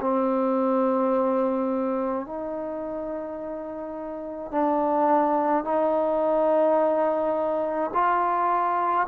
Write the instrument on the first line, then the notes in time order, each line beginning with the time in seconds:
trombone
0.00 C4
2.26 D#4
4.51 D4
5.64 D#4
7.93 F4